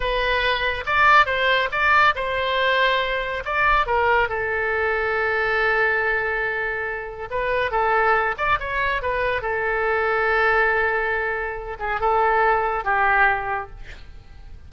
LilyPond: \new Staff \with { instrumentName = "oboe" } { \time 4/4 \tempo 4 = 140 b'2 d''4 c''4 | d''4 c''2. | d''4 ais'4 a'2~ | a'1~ |
a'4 b'4 a'4. d''8 | cis''4 b'4 a'2~ | a'2.~ a'8 gis'8 | a'2 g'2 | }